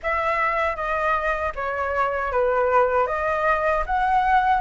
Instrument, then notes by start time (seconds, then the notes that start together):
flute
0.02 E5
0.76 D#5
1.55 C#5
2.32 B4
3.07 D#5
3.86 F#5